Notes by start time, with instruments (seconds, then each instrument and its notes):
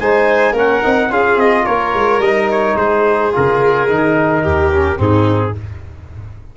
0.00 tuba G#3, trombone D#4, violin C5, trumpet G#5
0.53 tuba A#3, trombone C#4, violin A#4, trumpet F#5
0.84 tuba C4, trombone D#4
1.11 tuba C#4, trombone F4, violin G#4, trumpet F5
1.37 tuba C4, trumpet D#5
1.66 tuba A#3, violin A#4, trumpet C#5
1.94 tuba G#3
2.19 tuba G3, trumpet D#5
2.25 trombone D#4
2.52 trumpet C#5
2.76 tuba G#3, violin G#4, trumpet C5
3.33 tuba C#3, trombone F4, trumpet A#4
3.89 tuba D#3, trombone D#4
4.43 tuba D#2, violin G4
4.73 trombone C#4
4.97 tuba G#2, trombone C4, violin D#4, trumpet G#4